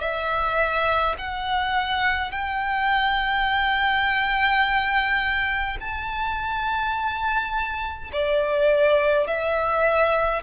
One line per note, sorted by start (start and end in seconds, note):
0.00 1.15 E5
1.18 2.31 F#5
2.31 5.77 G5
5.80 8.11 A5
8.13 9.27 D5
9.27 10.42 E5